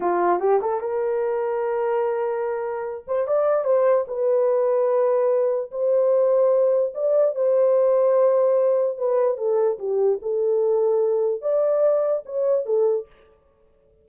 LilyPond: \new Staff \with { instrumentName = "horn" } { \time 4/4 \tempo 4 = 147 f'4 g'8 a'8 ais'2~ | ais'2.~ ais'8 c''8 | d''4 c''4 b'2~ | b'2 c''2~ |
c''4 d''4 c''2~ | c''2 b'4 a'4 | g'4 a'2. | d''2 cis''4 a'4 | }